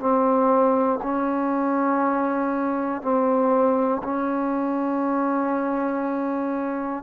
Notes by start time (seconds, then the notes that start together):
0.00 C4
1.03 C#4
3.02 C4
4.04 C#4